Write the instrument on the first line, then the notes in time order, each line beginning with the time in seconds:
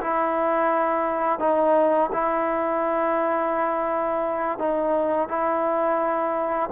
trombone
0.00 E4
1.39 D#4
2.12 E4
4.59 D#4
5.28 E4